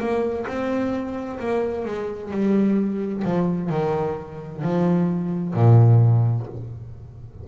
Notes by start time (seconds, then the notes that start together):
0.00 A#3
0.47 C4
1.40 A#3
1.85 G#3
2.31 G3
3.25 F3
3.70 D#3
4.62 F3
5.54 A#2